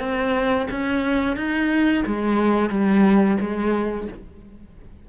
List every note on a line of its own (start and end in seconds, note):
0.00 0.67 C4
0.71 1.37 C#4
1.37 2.04 D#4
2.07 2.70 G#3
2.70 3.37 G3
3.41 4.08 G#3